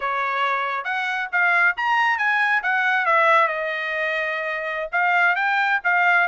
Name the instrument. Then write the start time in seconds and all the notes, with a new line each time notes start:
trumpet
0.00 C#5
0.84 F#5
1.31 F5
1.77 A#5
2.18 G#5
2.62 F#5
3.05 E5
3.47 D#5
4.92 F5
5.35 G5
5.84 F5